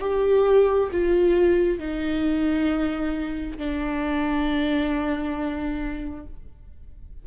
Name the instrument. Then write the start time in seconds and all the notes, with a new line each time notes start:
viola
0.00 G4
0.92 F4
1.79 D#4
3.57 D4